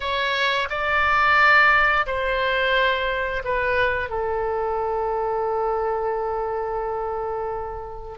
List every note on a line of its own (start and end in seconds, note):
0.00 0.68 C#5
0.69 2.05 D5
2.06 3.42 C5
3.44 4.09 B4
4.09 8.18 A4